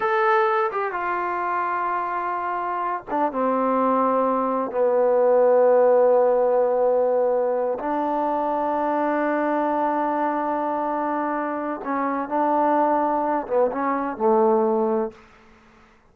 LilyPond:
\new Staff \with { instrumentName = "trombone" } { \time 4/4 \tempo 4 = 127 a'4. g'8 f'2~ | f'2~ f'8 d'8 c'4~ | c'2 b2~ | b1~ |
b8 d'2.~ d'8~ | d'1~ | d'4 cis'4 d'2~ | d'8 b8 cis'4 a2 | }